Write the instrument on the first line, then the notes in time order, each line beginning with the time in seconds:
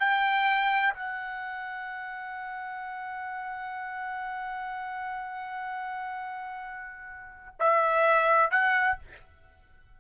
trumpet
0.00 G5
0.94 F#5
7.60 E5
8.51 F#5